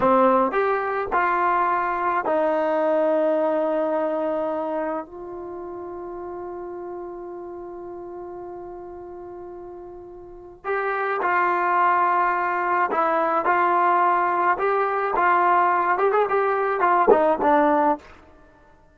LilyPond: \new Staff \with { instrumentName = "trombone" } { \time 4/4 \tempo 4 = 107 c'4 g'4 f'2 | dis'1~ | dis'4 f'2.~ | f'1~ |
f'2. g'4 | f'2. e'4 | f'2 g'4 f'4~ | f'8 g'16 gis'16 g'4 f'8 dis'8 d'4 | }